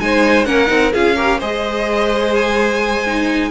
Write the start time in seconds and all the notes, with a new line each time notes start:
0.00 G#3 D#4 C5 G#5
0.45 A#3 C#4 A#4 F#5
0.67 C4 D#4
0.93 C#4 F4 G#4 F5
1.16 G4 A#4
1.39 G#3 G#4 C5 D#5
2.35 G#5
3.07 D#4